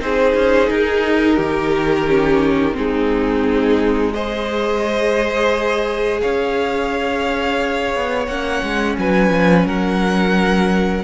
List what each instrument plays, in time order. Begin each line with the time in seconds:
0.00 cello C4, viola D#4, violin G#4 C5
0.35 cello C#4
0.70 cello D#4, violin A#4
1.36 cello D#3, violin G4
2.08 viola C#4
2.73 cello G#3, viola C4, violin D#4 G#4
4.14 viola G#4, violin C5 D#5
6.21 cello C#4, violin C#5 F5
7.96 cello B3
8.27 cello A#3, viola C#4, violin F#5
8.63 cello G#3
8.98 cello F#3, violin B4 G#5
9.30 cello F3
9.66 cello F#3, violin A#4 F#5